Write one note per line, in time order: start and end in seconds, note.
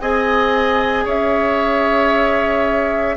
0.00 1.05 C4
0.00 3.16 G#4
0.00 1.04 D#5
0.00 1.05 G#5
1.04 3.16 C#4
1.04 3.15 C#5
1.04 3.16 E5